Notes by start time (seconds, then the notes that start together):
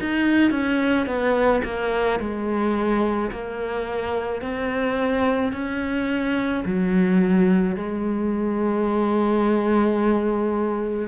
0.00 D#4
0.51 C#4
1.06 B3
1.64 A#3
2.19 G#3
3.31 A#3
4.41 C4
5.52 C#4
6.65 F#3
7.76 G#3